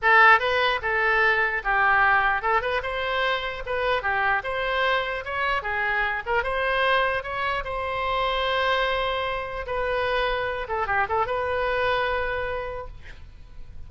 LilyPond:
\new Staff \with { instrumentName = "oboe" } { \time 4/4 \tempo 4 = 149 a'4 b'4 a'2 | g'2 a'8 b'8 c''4~ | c''4 b'4 g'4 c''4~ | c''4 cis''4 gis'4. ais'8 |
c''2 cis''4 c''4~ | c''1 | b'2~ b'8 a'8 g'8 a'8 | b'1 | }